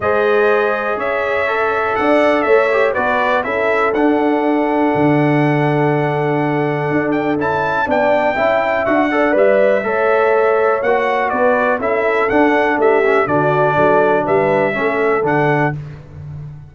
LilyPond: <<
  \new Staff \with { instrumentName = "trumpet" } { \time 4/4 \tempo 4 = 122 dis''2 e''2 | fis''4 e''4 d''4 e''4 | fis''1~ | fis''2~ fis''8 g''8 a''4 |
g''2 fis''4 e''4~ | e''2 fis''4 d''4 | e''4 fis''4 e''4 d''4~ | d''4 e''2 fis''4 | }
  \new Staff \with { instrumentName = "horn" } { \time 4/4 c''2 cis''2 | d''4 cis''4 b'4 a'4~ | a'1~ | a'1 |
d''4 e''4. d''4. | cis''2. b'4 | a'2 g'4 fis'4 | a'4 b'4 a'2 | }
  \new Staff \with { instrumentName = "trombone" } { \time 4/4 gis'2. a'4~ | a'4. g'8 fis'4 e'4 | d'1~ | d'2. e'4 |
d'4 e'4 fis'8 a'8 b'4 | a'2 fis'2 | e'4 d'4. cis'8 d'4~ | d'2 cis'4 d'4 | }
  \new Staff \with { instrumentName = "tuba" } { \time 4/4 gis2 cis'2 | d'4 a4 b4 cis'4 | d'2 d2~ | d2 d'4 cis'4 |
b4 cis'4 d'4 g4 | a2 ais4 b4 | cis'4 d'4 a4 d4 | fis4 g4 a4 d4 | }
>>